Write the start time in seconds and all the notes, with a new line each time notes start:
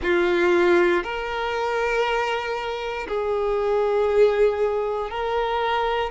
0.02 F4
1.04 A#4
3.07 G#4
5.10 A#4